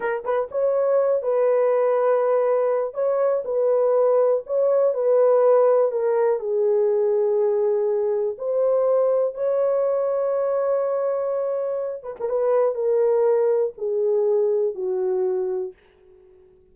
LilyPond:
\new Staff \with { instrumentName = "horn" } { \time 4/4 \tempo 4 = 122 ais'8 b'8 cis''4. b'4.~ | b'2 cis''4 b'4~ | b'4 cis''4 b'2 | ais'4 gis'2.~ |
gis'4 c''2 cis''4~ | cis''1~ | cis''8 b'16 ais'16 b'4 ais'2 | gis'2 fis'2 | }